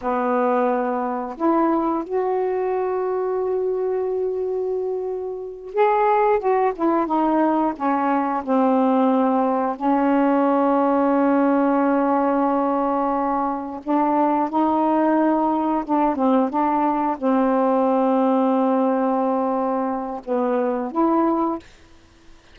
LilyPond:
\new Staff \with { instrumentName = "saxophone" } { \time 4/4 \tempo 4 = 89 b2 e'4 fis'4~ | fis'1~ | fis'8 gis'4 fis'8 e'8 dis'4 cis'8~ | cis'8 c'2 cis'4.~ |
cis'1~ | cis'8 d'4 dis'2 d'8 | c'8 d'4 c'2~ c'8~ | c'2 b4 e'4 | }